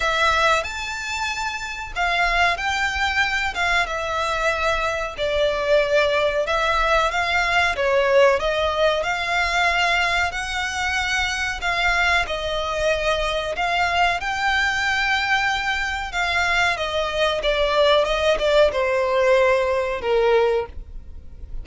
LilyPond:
\new Staff \with { instrumentName = "violin" } { \time 4/4 \tempo 4 = 93 e''4 a''2 f''4 | g''4. f''8 e''2 | d''2 e''4 f''4 | cis''4 dis''4 f''2 |
fis''2 f''4 dis''4~ | dis''4 f''4 g''2~ | g''4 f''4 dis''4 d''4 | dis''8 d''8 c''2 ais'4 | }